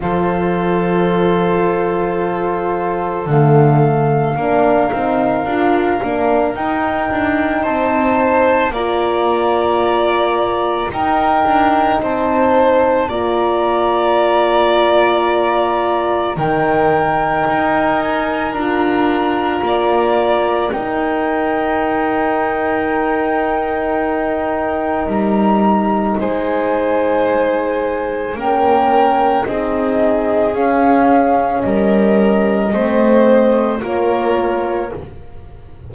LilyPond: <<
  \new Staff \with { instrumentName = "flute" } { \time 4/4 \tempo 4 = 55 c''2. f''4~ | f''2 g''4 a''4 | ais''2 g''4 a''4 | ais''2. g''4~ |
g''8 gis''8 ais''2 g''4~ | g''2. ais''4 | gis''2 g''4 dis''4 | f''4 dis''2 cis''4 | }
  \new Staff \with { instrumentName = "violin" } { \time 4/4 a'1 | ais'2. c''4 | d''2 ais'4 c''4 | d''2. ais'4~ |
ais'2 d''4 ais'4~ | ais'1 | c''2 ais'4 gis'4~ | gis'4 ais'4 c''4 ais'4 | }
  \new Staff \with { instrumentName = "horn" } { \time 4/4 f'2. a4 | d'8 dis'8 f'8 d'8 dis'2 | f'2 dis'2 | f'2. dis'4~ |
dis'4 f'2 dis'4~ | dis'1~ | dis'2 cis'4 dis'4 | cis'2 c'4 f'4 | }
  \new Staff \with { instrumentName = "double bass" } { \time 4/4 f2. d4 | ais8 c'8 d'8 ais8 dis'8 d'8 c'4 | ais2 dis'8 d'8 c'4 | ais2. dis4 |
dis'4 d'4 ais4 dis'4~ | dis'2. g4 | gis2 ais4 c'4 | cis'4 g4 a4 ais4 | }
>>